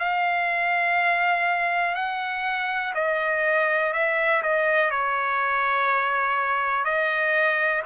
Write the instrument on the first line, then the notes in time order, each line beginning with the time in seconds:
trumpet
0.00 F5
1.95 F#5
2.95 D#5
3.93 E5
4.43 D#5
4.91 C#5
6.85 D#5